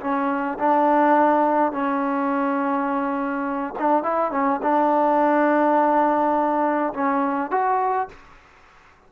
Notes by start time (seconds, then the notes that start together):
0.00 C#4
0.58 D4
1.72 C#4
3.78 D4
4.03 E4
4.31 C#4
4.62 D4
6.93 C#4
7.50 F#4